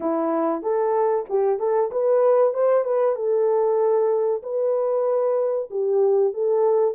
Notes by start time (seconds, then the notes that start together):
0.00 E4
0.62 A4
1.29 G4
1.59 A4
1.91 B4
2.53 C5
2.84 B4
3.15 A4
4.42 B4
5.70 G4
6.33 A4